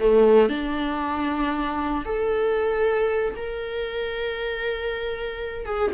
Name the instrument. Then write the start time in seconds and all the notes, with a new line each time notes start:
viola
0.00 A3
0.49 D4
2.05 A4
3.36 A#4
5.66 G#4